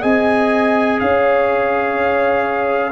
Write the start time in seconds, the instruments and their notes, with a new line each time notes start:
0.00 tuba C4, trombone G#4, horn D#5, trumpet G#5
1.00 tuba C#4, horn C#5, trumpet F5